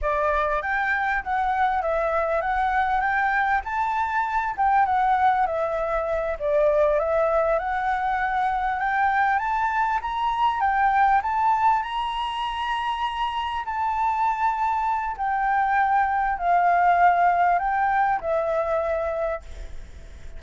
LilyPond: \new Staff \with { instrumentName = "flute" } { \time 4/4 \tempo 4 = 99 d''4 g''4 fis''4 e''4 | fis''4 g''4 a''4. g''8 | fis''4 e''4. d''4 e''8~ | e''8 fis''2 g''4 a''8~ |
a''8 ais''4 g''4 a''4 ais''8~ | ais''2~ ais''8 a''4.~ | a''4 g''2 f''4~ | f''4 g''4 e''2 | }